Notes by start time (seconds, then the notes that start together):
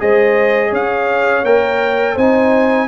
0.00 G#3 G#4 C5 D#5
0.70 C#4 C#5 F5
1.44 A#3 A#4 G5
2.14 C4 D#4 C5 G#5